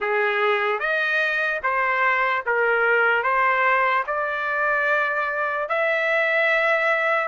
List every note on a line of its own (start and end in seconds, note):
0.00 0.79 G#4
0.79 1.60 D#5
1.63 2.44 C5
2.46 3.22 A#4
3.22 4.04 C5
4.07 5.69 D5
5.69 7.28 E5